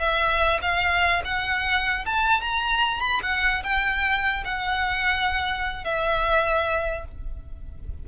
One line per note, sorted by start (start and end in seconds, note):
0.00 0.60 E5
0.62 1.23 F5
1.25 2.06 F#5
2.06 2.42 A5
2.42 3.01 A#5
3.01 3.21 B5
3.23 3.64 F#5
3.64 4.44 G5
4.45 5.85 F#5
5.85 7.05 E5